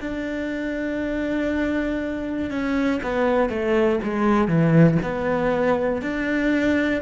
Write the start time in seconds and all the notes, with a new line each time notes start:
0.00 D4
2.50 C#4
3.02 B3
3.49 A3
4.03 G#3
4.48 E3
5.02 B3
6.01 D4